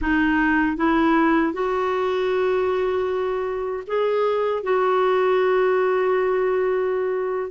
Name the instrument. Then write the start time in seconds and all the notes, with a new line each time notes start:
clarinet
0.01 D#4
0.77 E4
1.52 F#4
3.86 G#4
4.63 F#4